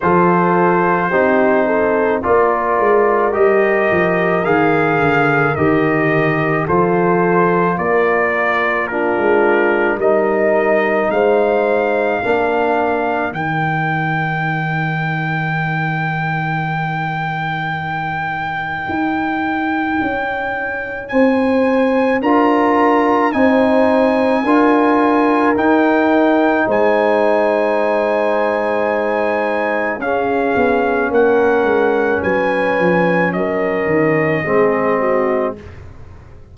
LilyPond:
<<
  \new Staff \with { instrumentName = "trumpet" } { \time 4/4 \tempo 4 = 54 c''2 d''4 dis''4 | f''4 dis''4 c''4 d''4 | ais'4 dis''4 f''2 | g''1~ |
g''2. gis''4 | ais''4 gis''2 g''4 | gis''2. f''4 | fis''4 gis''4 dis''2 | }
  \new Staff \with { instrumentName = "horn" } { \time 4/4 a'4 g'8 a'8 ais'2~ | ais'2 a'4 ais'4 | f'4 ais'4 c''4 ais'4~ | ais'1~ |
ais'2. c''4 | ais'4 c''4 ais'2 | c''2. gis'4 | ais'4 b'4 ais'4 gis'8 fis'8 | }
  \new Staff \with { instrumentName = "trombone" } { \time 4/4 f'4 dis'4 f'4 g'4 | gis'4 g'4 f'2 | d'4 dis'2 d'4 | dis'1~ |
dis'1 | f'4 dis'4 f'4 dis'4~ | dis'2. cis'4~ | cis'2. c'4 | }
  \new Staff \with { instrumentName = "tuba" } { \time 4/4 f4 c'4 ais8 gis8 g8 f8 | dis8 d8 dis4 f4 ais4~ | ais16 gis8. g4 gis4 ais4 | dis1~ |
dis4 dis'4 cis'4 c'4 | d'4 c'4 d'4 dis'4 | gis2. cis'8 b8 | ais8 gis8 fis8 f8 fis8 dis8 gis4 | }
>>